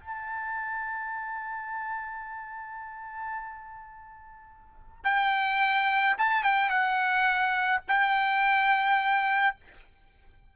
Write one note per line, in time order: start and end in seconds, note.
0.00 5.04 A5
5.04 6.16 G5
6.18 6.43 A5
6.43 6.70 G5
6.70 7.82 F#5
7.88 9.56 G5